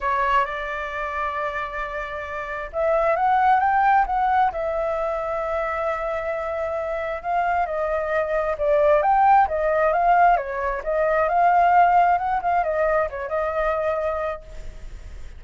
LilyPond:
\new Staff \with { instrumentName = "flute" } { \time 4/4 \tempo 4 = 133 cis''4 d''2.~ | d''2 e''4 fis''4 | g''4 fis''4 e''2~ | e''1 |
f''4 dis''2 d''4 | g''4 dis''4 f''4 cis''4 | dis''4 f''2 fis''8 f''8 | dis''4 cis''8 dis''2~ dis''8 | }